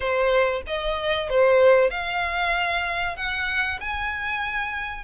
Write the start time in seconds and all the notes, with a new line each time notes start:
0.00 C5
0.67 D#5
1.29 C5
1.90 F5
3.16 F#5
3.80 G#5